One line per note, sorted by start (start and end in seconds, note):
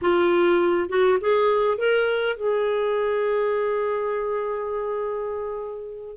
0.01 0.89 F4
0.89 1.18 F#4
1.20 1.78 G#4
1.78 2.37 A#4
2.37 6.17 G#4